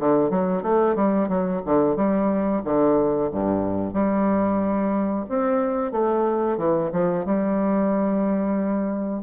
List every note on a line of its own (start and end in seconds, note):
0.00 0.31 D3
0.31 0.63 F#3
0.63 0.96 A3
0.96 1.29 G3
1.29 1.62 F#3
1.66 1.97 D3
1.97 2.63 G3
2.65 3.31 D3
3.32 3.94 G2
3.94 5.26 G3
5.29 5.93 C4
5.93 6.58 A3
6.58 6.91 E3
6.93 7.26 F3
7.26 9.24 G3